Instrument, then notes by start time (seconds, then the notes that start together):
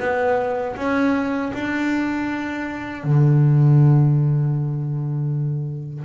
double bass
0.00 B3
0.76 C#4
1.54 D4
3.04 D3